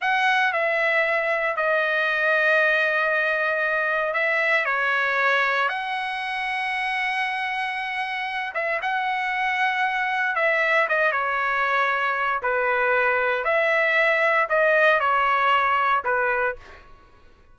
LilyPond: \new Staff \with { instrumentName = "trumpet" } { \time 4/4 \tempo 4 = 116 fis''4 e''2 dis''4~ | dis''1 | e''4 cis''2 fis''4~ | fis''1~ |
fis''8 e''8 fis''2. | e''4 dis''8 cis''2~ cis''8 | b'2 e''2 | dis''4 cis''2 b'4 | }